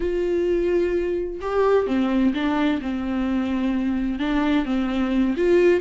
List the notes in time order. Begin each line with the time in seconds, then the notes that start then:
0.00 F4
1.41 G4
1.86 C4
2.33 D4
2.81 C4
4.19 D4
4.65 C4
5.36 F4